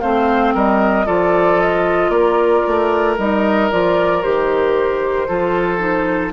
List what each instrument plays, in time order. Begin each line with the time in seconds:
0.00 bassoon A3, clarinet C4, oboe C5, flute F5
0.54 bassoon G3, oboe A#4, flute D#5
1.06 bassoon F3, clarinet F4, oboe A4, flute D5
1.59 flute D#5
2.09 bassoon A#3, oboe A#4, flute D5
2.67 bassoon A3
3.18 bassoon G3, clarinet D#4, flute D#5
3.71 bassoon F3, clarinet F4, flute D5
4.22 bassoon D#3, clarinet G4, flute C5
5.28 bassoon F3, clarinet F4, oboe A4
5.78 clarinet D#4